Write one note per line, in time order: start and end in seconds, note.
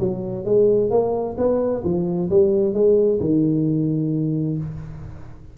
0.00 0.45 F#3
0.45 0.91 G#3
0.91 1.37 A#3
1.38 1.84 B3
1.84 2.30 F3
2.30 2.74 G3
2.74 3.20 G#3
3.20 4.58 D#3